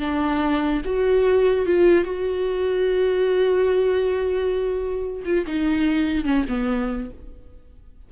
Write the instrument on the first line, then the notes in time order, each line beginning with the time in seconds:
viola
0.00 D4
0.85 F#4
1.66 F4
2.05 F#4
5.25 F4
5.47 D#4
6.25 C#4
6.49 B3